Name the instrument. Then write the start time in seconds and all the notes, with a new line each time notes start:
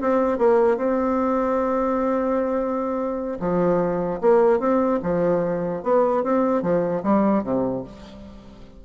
bassoon
0.00 C4
0.38 A#3
0.77 C4
3.40 F3
4.21 A#3
4.59 C4
5.02 F3
5.83 B3
6.23 C4
6.62 F3
7.03 G3
7.43 C3